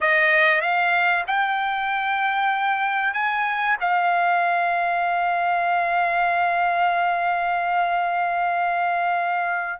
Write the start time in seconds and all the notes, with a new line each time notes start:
0.00 D#5
0.61 F5
1.27 G5
3.13 G#5
3.80 F5